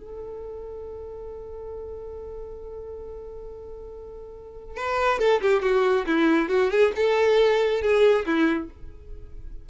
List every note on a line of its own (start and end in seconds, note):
0.00 4.77 A4
4.77 5.19 B4
5.19 5.41 A4
5.42 5.62 G4
5.62 6.06 F#4
6.07 6.49 E4
6.49 6.71 F#4
6.71 6.93 G#4
6.96 7.82 A4
7.82 8.26 G#4
8.26 8.70 E4